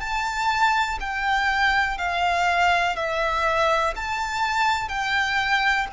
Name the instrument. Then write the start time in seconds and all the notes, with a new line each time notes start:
violin
0.00 A5
1.00 G5
1.98 F5
2.96 E5
3.95 A5
4.88 G5